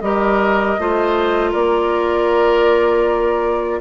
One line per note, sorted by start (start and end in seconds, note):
0.00 0.77 G3
0.00 0.78 G4
0.00 0.80 A#4
0.00 1.52 D#5
0.78 1.54 A3
0.78 3.81 F4
0.78 1.50 C5
1.50 3.81 A#3
1.50 3.78 A#4
1.50 3.80 D5